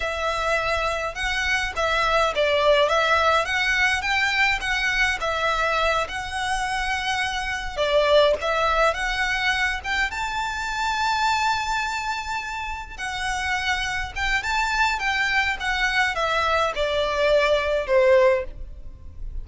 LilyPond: \new Staff \with { instrumentName = "violin" } { \time 4/4 \tempo 4 = 104 e''2 fis''4 e''4 | d''4 e''4 fis''4 g''4 | fis''4 e''4. fis''4.~ | fis''4. d''4 e''4 fis''8~ |
fis''4 g''8 a''2~ a''8~ | a''2~ a''8 fis''4.~ | fis''8 g''8 a''4 g''4 fis''4 | e''4 d''2 c''4 | }